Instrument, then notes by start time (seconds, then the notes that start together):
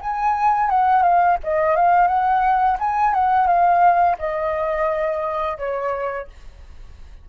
flute
0.00 G#5
0.70 F#5
1.03 F5
1.43 D#5
1.76 F5
2.07 F#5
2.79 G#5
3.14 F#5
3.47 F5
4.19 D#5
5.58 C#5